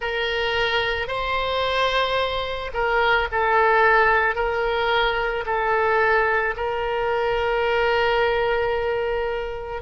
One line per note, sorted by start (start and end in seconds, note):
0.00 1.07 A#4
1.07 2.71 C5
2.73 3.28 A#4
3.31 4.35 A4
4.35 5.44 A#4
5.45 6.55 A4
6.56 9.82 A#4